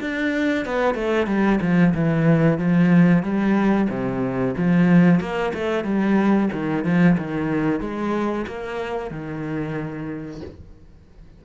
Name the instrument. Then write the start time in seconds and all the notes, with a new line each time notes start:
cello
0.00 D4
0.65 B3
0.95 A3
1.27 G3
1.61 F3
1.94 E3
2.58 F3
3.23 G3
3.89 C3
4.57 F3
5.20 A#3
5.54 A3
5.84 G3
6.53 D#3
6.84 F3
7.18 D#3
7.80 G#3
8.47 A#3
9.10 D#3